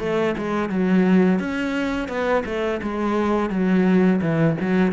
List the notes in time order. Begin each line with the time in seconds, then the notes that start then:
0.00 A3
0.38 G#3
0.70 F#3
1.40 C#4
2.09 B3
2.46 A3
2.83 G#3
3.50 F#3
4.22 E3
4.61 F#3